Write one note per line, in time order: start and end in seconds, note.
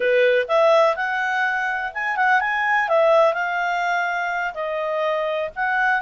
0.00 0.46 B4
0.47 0.95 E5
0.96 1.92 F#5
1.94 2.16 G#5
2.16 2.40 F#5
2.40 2.88 G#5
2.88 3.33 E5
3.33 4.53 F5
4.53 5.49 D#5
5.55 6.01 F#5